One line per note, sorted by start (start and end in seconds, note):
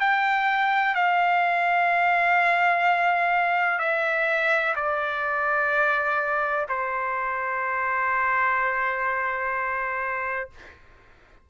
0.00 0.94 G5
0.94 3.78 F5
3.78 4.74 E5
4.75 6.66 D5
6.68 10.49 C5